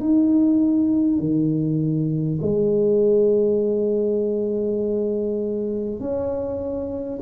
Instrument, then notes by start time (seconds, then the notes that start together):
tuba
0.00 D#4
1.19 D#3
2.42 G#3
6.00 C#4